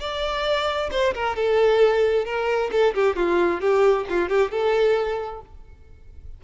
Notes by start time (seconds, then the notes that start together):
0.00 D5
0.91 C5
1.15 A#4
1.36 A4
2.26 A#4
2.71 A4
2.94 G4
3.16 F4
3.61 G4
4.09 F4
4.29 G4
4.51 A4